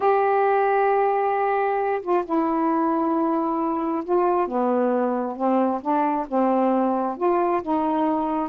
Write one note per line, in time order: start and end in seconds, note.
0.00 2.01 G4
2.01 2.24 F4
2.25 4.04 E4
4.04 4.47 F4
4.47 5.36 B3
5.36 5.81 C4
5.81 6.26 D4
6.27 7.17 C4
7.17 7.62 F4
7.62 8.49 D#4